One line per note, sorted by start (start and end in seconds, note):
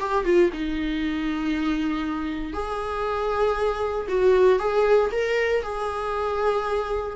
0.00 0.25 G4
0.25 0.51 F4
0.53 2.53 D#4
2.53 4.07 G#4
4.09 4.59 F#4
4.59 5.10 G#4
5.12 5.63 A#4
5.63 7.16 G#4